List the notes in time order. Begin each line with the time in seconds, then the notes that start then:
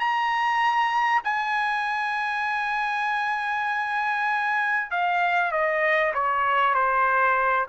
0.00 A#5
1.25 G#5
4.91 F5
5.52 D#5
6.14 C#5
6.75 C5